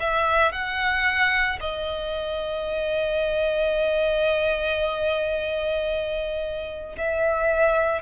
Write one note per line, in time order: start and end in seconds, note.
0.00 0.52 E5
0.52 1.59 F#5
1.60 6.96 D#5
6.97 8.02 E5